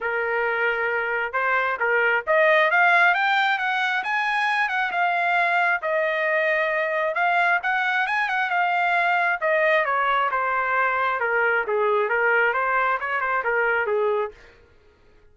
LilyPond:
\new Staff \with { instrumentName = "trumpet" } { \time 4/4 \tempo 4 = 134 ais'2. c''4 | ais'4 dis''4 f''4 g''4 | fis''4 gis''4. fis''8 f''4~ | f''4 dis''2. |
f''4 fis''4 gis''8 fis''8 f''4~ | f''4 dis''4 cis''4 c''4~ | c''4 ais'4 gis'4 ais'4 | c''4 cis''8 c''8 ais'4 gis'4 | }